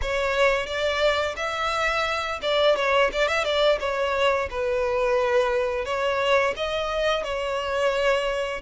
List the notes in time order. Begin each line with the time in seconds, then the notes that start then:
0.01 C#5
0.66 D5
1.36 E5
2.42 D5
2.76 C#5
3.12 D5
3.28 E5
3.44 D5
3.80 C#5
4.50 B4
5.85 C#5
6.56 D#5
7.23 C#5